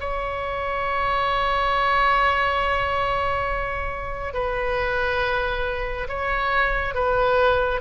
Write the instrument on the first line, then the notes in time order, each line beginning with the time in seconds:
oboe
0.00 C#5
4.34 B4
6.09 C#5
6.94 B4